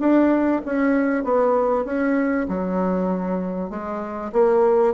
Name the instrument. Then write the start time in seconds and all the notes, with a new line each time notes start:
bassoon
0.00 D4
0.66 C#4
1.24 B3
1.85 C#4
2.49 F#3
3.70 G#3
4.33 A#3